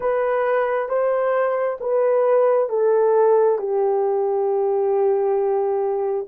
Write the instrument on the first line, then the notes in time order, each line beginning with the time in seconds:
horn
0.00 B4
0.88 C5
1.80 B4
2.69 A4
3.58 G4